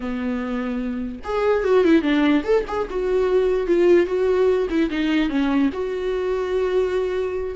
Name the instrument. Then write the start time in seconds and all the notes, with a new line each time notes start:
viola
0.00 B3
1.24 G#4
1.63 F#4
1.84 E4
2.02 D4
2.44 A4
2.67 G#4
2.90 F#4
3.67 F4
4.06 F#4
4.70 E4
4.89 D#4
5.29 C#4
5.72 F#4